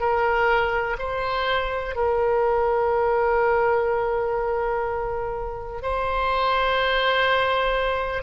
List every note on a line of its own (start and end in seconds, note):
0.00 0.97 A#4
0.99 1.95 C5
1.95 5.82 A#4
5.82 8.23 C5